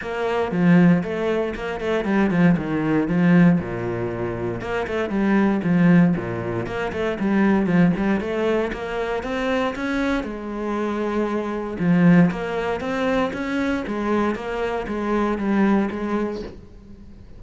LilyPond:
\new Staff \with { instrumentName = "cello" } { \time 4/4 \tempo 4 = 117 ais4 f4 a4 ais8 a8 | g8 f8 dis4 f4 ais,4~ | ais,4 ais8 a8 g4 f4 | ais,4 ais8 a8 g4 f8 g8 |
a4 ais4 c'4 cis'4 | gis2. f4 | ais4 c'4 cis'4 gis4 | ais4 gis4 g4 gis4 | }